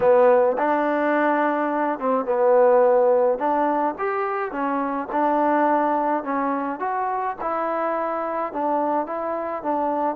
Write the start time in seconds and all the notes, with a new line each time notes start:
0.00 B3
0.58 D4
1.99 C4
2.25 B3
3.38 D4
3.98 G4
4.51 C#4
5.12 D4
6.23 C#4
6.79 F#4
7.41 E4
8.52 D4
9.06 E4
9.63 D4